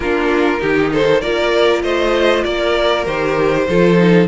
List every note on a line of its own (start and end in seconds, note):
0.00 0.61 A#3
0.00 0.58 D4
0.00 0.60 F4
0.00 0.90 A#4
0.58 1.22 D#3
0.58 1.19 D#4
0.58 0.90 G4
0.92 1.20 A4
0.92 1.21 C5
1.20 1.82 A#3
1.20 3.05 F4
1.20 1.82 A#4
1.20 1.82 D5
1.82 2.44 A3
1.82 2.44 C5
1.82 2.43 D#5
2.43 3.06 A#3
2.43 3.67 A#4
2.43 3.05 D5
3.05 3.67 D#3
3.05 3.66 G4
3.05 4.28 C5
3.68 4.28 F3
3.68 3.97 F4
3.68 4.28 A4
3.97 4.28 D#4